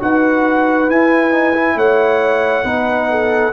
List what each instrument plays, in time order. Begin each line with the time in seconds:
0.00 tuba D#4, trombone F#4, horn B4, trumpet F#5
0.89 trombone E4, tuba E4, trumpet G#5
1.32 trombone D#4
1.55 trombone E4
1.76 tuba A3, horn C#5, trumpet F#5
2.64 tuba B3, trombone D#4, horn B4
3.11 horn A4